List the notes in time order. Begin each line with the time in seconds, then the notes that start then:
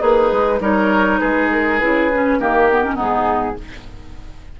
0.00 A#3 D#4 G#4 B4
0.32 G#3
0.60 G3 D#4 A#4 C#5
1.18 G#3 G#4 B4
1.51 A#4
1.79 C#3 E4 B4
2.13 C#4
2.39 D#3 A#3 G4 A#4
2.71 B3
2.84 C#4
2.95 G#2 B3 D#4 G#4